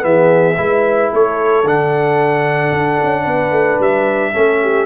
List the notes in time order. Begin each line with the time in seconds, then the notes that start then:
0.00 E3 B3 G#4 E5
0.57 G#3 E4 B4
1.11 A3 A4 C#5
1.64 D3 D4 F#5
2.71 D4
3.03 C#4
3.23 B3 B4
3.51 A3
3.79 G3 E5
4.33 A3 C#4 A4
4.62 G4